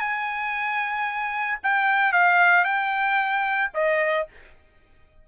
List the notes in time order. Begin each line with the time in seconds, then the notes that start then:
0.00 G#5
1.64 G5
2.13 F5
2.65 G5
3.75 D#5